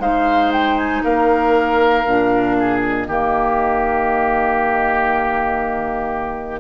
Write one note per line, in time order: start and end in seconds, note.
0.00 1.02 G#3
0.00 2.04 D#4
0.00 1.03 C5
0.00 0.52 F5
0.52 0.77 G5
0.77 1.03 G#5
1.04 2.05 A#3
1.04 2.56 A#4
1.04 2.81 F5
2.06 3.07 A#2
2.06 3.07 D4
2.59 3.08 G#4
2.81 6.60 D#5
3.07 6.60 D#3
3.07 6.60 A#3
3.07 6.60 G4